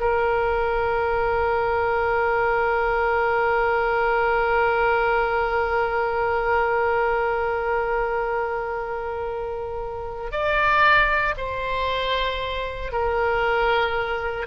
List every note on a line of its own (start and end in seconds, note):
0.00 10.32 A#4
10.32 11.35 D5
11.37 12.92 C5
12.92 14.47 A#4